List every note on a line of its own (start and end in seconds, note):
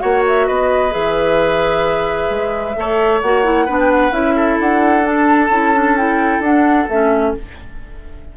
0.00 0.49 A#3
0.00 0.91 F#4
0.00 0.47 C#5
0.00 0.23 F#5
0.28 0.48 E5
0.47 0.95 B3
0.47 2.76 B4
0.47 0.93 D#5
0.91 2.30 E3
0.91 2.74 G#4
0.91 3.22 E5
2.30 2.76 G#3
2.75 3.23 A3
2.75 3.21 A4
2.75 3.66 C#5
3.22 3.69 A#3
3.22 3.44 F#4
3.22 3.79 F#5
3.44 3.67 E4
3.66 4.12 B3
3.66 4.12 D4
3.66 4.34 B4
3.80 3.91 G5
3.91 4.13 F#5
4.12 4.57 C#4
4.12 5.04 E4
4.12 4.59 E5
4.36 7.33 A4
4.60 5.49 D4
4.60 5.06 F#5
5.04 5.49 D4
5.04 5.97 A5
5.49 6.40 C#4
5.49 5.75 E4
5.75 5.98 D4
5.97 6.44 E4
5.97 6.43 G5
6.40 6.86 D4
6.40 6.89 D4
6.40 6.89 F#5
6.89 7.35 A3
6.89 7.37 C#4
6.89 7.35 E5